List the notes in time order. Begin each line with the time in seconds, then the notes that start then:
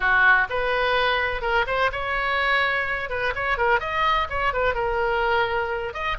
0.00 F#4
0.49 B4
1.41 A#4
1.66 C5
1.92 C#5
3.09 B4
3.35 C#5
3.57 A#4
3.80 D#5
4.29 C#5
4.53 B4
4.74 A#4
5.93 D#5